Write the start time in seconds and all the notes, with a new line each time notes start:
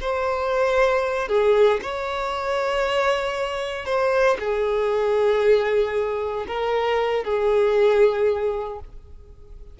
0.00 C5
1.28 G#4
1.82 C#5
3.85 C5
4.39 G#4
6.47 A#4
7.24 G#4